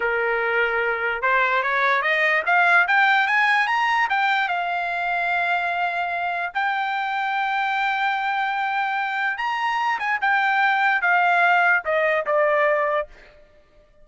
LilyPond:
\new Staff \with { instrumentName = "trumpet" } { \time 4/4 \tempo 4 = 147 ais'2. c''4 | cis''4 dis''4 f''4 g''4 | gis''4 ais''4 g''4 f''4~ | f''1 |
g''1~ | g''2. ais''4~ | ais''8 gis''8 g''2 f''4~ | f''4 dis''4 d''2 | }